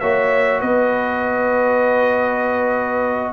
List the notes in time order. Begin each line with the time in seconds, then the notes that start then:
0.00 A#3 F#4 C#5 E5
0.60 B3 B4 D#5